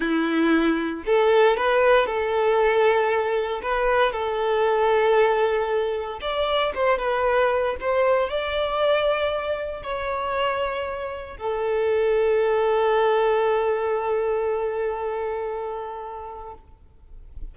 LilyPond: \new Staff \with { instrumentName = "violin" } { \time 4/4 \tempo 4 = 116 e'2 a'4 b'4 | a'2. b'4 | a'1 | d''4 c''8 b'4. c''4 |
d''2. cis''4~ | cis''2 a'2~ | a'1~ | a'1 | }